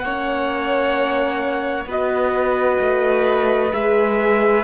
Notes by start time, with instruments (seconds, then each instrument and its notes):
0.00 cello A#3, horn C#4, violin C#5, trumpet F#5
1.86 cello B3, horn F#4, violin B4, trumpet D#5
2.80 cello A3
3.72 cello G#3, horn G#4, trumpet E5